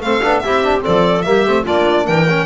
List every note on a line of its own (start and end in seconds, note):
0.00 0.21 A3
0.00 0.23 C4
0.00 0.44 A4
0.00 0.40 F5
0.23 0.44 B3
0.23 0.44 D4
0.40 0.86 C4
0.40 0.64 E4
0.40 0.85 G4
0.40 0.81 E5
0.64 0.81 D4
0.81 1.23 C4
0.81 1.27 A4
0.81 1.22 D5
0.87 1.25 F3
1.22 1.46 G3
1.22 1.46 A#3
1.22 1.64 G4
1.22 1.64 E5
1.46 1.67 A3
1.46 1.66 C4
1.64 2.08 A#3
1.64 2.27 D4
1.64 2.05 F4
1.64 2.07 D5
2.05 2.46 E3
2.05 2.46 A#4
2.05 2.46 G5
2.29 2.46 C#4